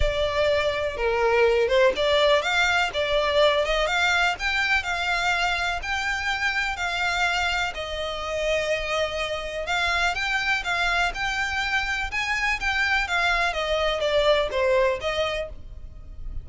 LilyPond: \new Staff \with { instrumentName = "violin" } { \time 4/4 \tempo 4 = 124 d''2 ais'4. c''8 | d''4 f''4 d''4. dis''8 | f''4 g''4 f''2 | g''2 f''2 |
dis''1 | f''4 g''4 f''4 g''4~ | g''4 gis''4 g''4 f''4 | dis''4 d''4 c''4 dis''4 | }